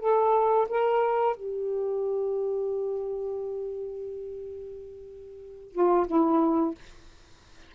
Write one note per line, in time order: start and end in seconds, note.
0.00 0.67 A4
0.69 1.36 A#4
1.36 5.72 G4
5.72 6.06 F4
6.07 6.74 E4